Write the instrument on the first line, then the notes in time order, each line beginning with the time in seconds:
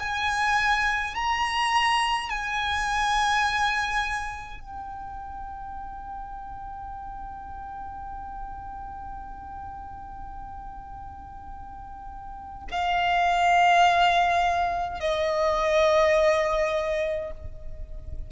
violin
0.00 G#5
1.15 A#5
2.30 G#5
4.61 G5
12.71 F5
15.01 D#5